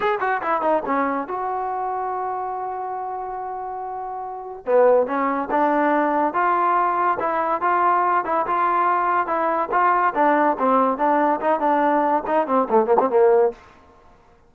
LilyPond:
\new Staff \with { instrumentName = "trombone" } { \time 4/4 \tempo 4 = 142 gis'8 fis'8 e'8 dis'8 cis'4 fis'4~ | fis'1~ | fis'2. b4 | cis'4 d'2 f'4~ |
f'4 e'4 f'4. e'8 | f'2 e'4 f'4 | d'4 c'4 d'4 dis'8 d'8~ | d'4 dis'8 c'8 a8 ais16 c'16 ais4 | }